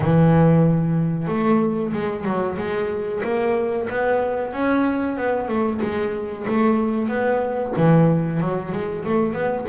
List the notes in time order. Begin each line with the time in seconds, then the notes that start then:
0.00 E3
1.27 A3
1.92 G#3
2.25 F#3
2.57 G#3
3.23 A#3
3.89 B3
4.52 C#4
5.17 B3
5.48 A3
5.81 G#3
6.47 A3
7.08 B3
7.76 E3
8.40 F#3
8.72 G#3
9.04 A3
9.33 B3